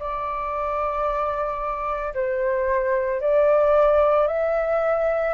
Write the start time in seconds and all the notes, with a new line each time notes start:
0.00 D5
2.15 C5
3.21 D5
4.28 E5